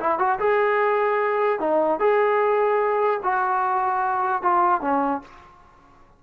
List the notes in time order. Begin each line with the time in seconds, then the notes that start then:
0.00 E4
0.19 F#4
0.40 G#4
1.60 D#4
2.00 G#4
3.24 F#4
4.43 F4
4.82 C#4